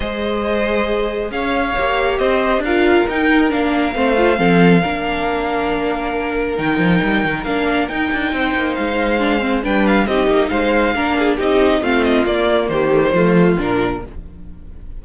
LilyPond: <<
  \new Staff \with { instrumentName = "violin" } { \time 4/4 \tempo 4 = 137 dis''2. f''4~ | f''4 dis''4 f''4 g''4 | f''1~ | f''2. g''4~ |
g''4 f''4 g''2 | f''2 g''8 f''8 dis''4 | f''2 dis''4 f''8 dis''8 | d''4 c''2 ais'4 | }
  \new Staff \with { instrumentName = "violin" } { \time 4/4 c''2. cis''4~ | cis''4 c''4 ais'2~ | ais'4 c''4 a'4 ais'4~ | ais'1~ |
ais'2. c''4~ | c''2 b'4 g'4 | c''4 ais'8 gis'8 g'4 f'4~ | f'4 g'4 f'2 | }
  \new Staff \with { instrumentName = "viola" } { \time 4/4 gis'1 | g'2 f'4 dis'4 | d'4 c'8 f'8 c'4 d'4~ | d'2. dis'4~ |
dis'4 d'4 dis'2~ | dis'4 d'8 c'8 d'4 dis'4~ | dis'4 d'4 dis'4 c'4 | ais4. a16 g16 a4 d'4 | }
  \new Staff \with { instrumentName = "cello" } { \time 4/4 gis2. cis'4 | ais4 c'4 d'4 dis'4 | ais4 a4 f4 ais4~ | ais2. dis8 f8 |
g8 dis8 ais4 dis'8 d'8 c'8 ais8 | gis2 g4 c'8 ais8 | gis4 ais4 c'4 a4 | ais4 dis4 f4 ais,4 | }
>>